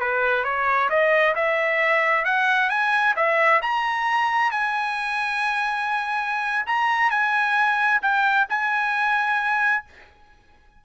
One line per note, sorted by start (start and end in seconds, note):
0.00 0.44 B4
0.44 0.89 C#5
0.90 1.35 D#5
1.35 2.25 E5
2.25 2.70 F#5
2.70 3.15 G#5
3.16 3.61 E5
3.62 4.51 A#5
4.51 6.66 G#5
6.67 7.11 A#5
7.11 8.01 G#5
8.02 8.47 G5
8.49 9.84 G#5